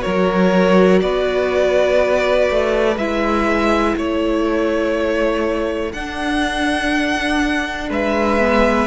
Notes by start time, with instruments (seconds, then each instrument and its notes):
0.00 cello F#3, viola F#4, violin A#4 C#5
1.01 cello B3, violin B4 D5
2.50 cello A3
2.96 cello G#3, viola E4, violin E5
3.96 cello A3, violin A4 C#5
5.92 cello D4, viola D4, violin F#5
7.89 cello G#3, violin B4 E5
8.39 viola B3